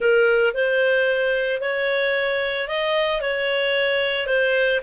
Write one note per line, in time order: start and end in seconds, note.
0.00 0.54 A#4
0.54 1.60 C5
1.60 2.67 C#5
2.68 3.21 D#5
3.21 4.26 C#5
4.26 4.80 C5